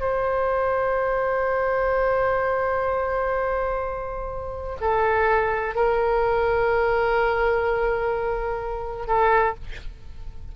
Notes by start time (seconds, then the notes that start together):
0.00 C5
4.81 A4
5.75 A#4
9.07 A4